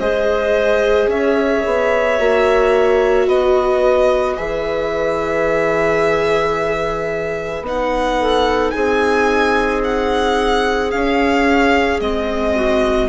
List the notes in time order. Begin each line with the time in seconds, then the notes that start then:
0.00 G#3 G#4 C5 D#5
1.07 C#4 C#5 E5
1.66 B3
2.19 A#3 F#4
3.27 B3 B4 D#5
4.37 E3 G#4 E5
7.62 B3 D#4
7.68 F#5
8.20 A4
8.71 C4 G#4 G#5
9.85 F#5
10.91 C#4 F5
12.01 G#3 C4 D#5
12.56 F#4